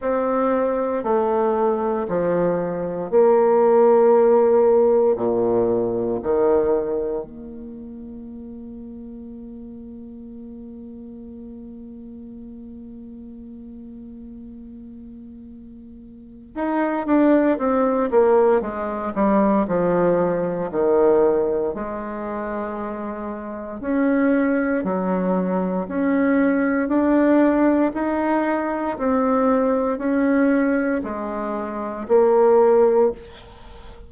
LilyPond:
\new Staff \with { instrumentName = "bassoon" } { \time 4/4 \tempo 4 = 58 c'4 a4 f4 ais4~ | ais4 ais,4 dis4 ais4~ | ais1~ | ais1 |
dis'8 d'8 c'8 ais8 gis8 g8 f4 | dis4 gis2 cis'4 | fis4 cis'4 d'4 dis'4 | c'4 cis'4 gis4 ais4 | }